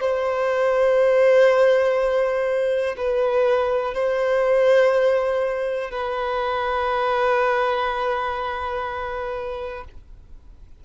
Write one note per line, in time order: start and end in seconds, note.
0.00 2.95 C5
2.97 3.93 B4
3.93 5.90 C5
5.90 9.84 B4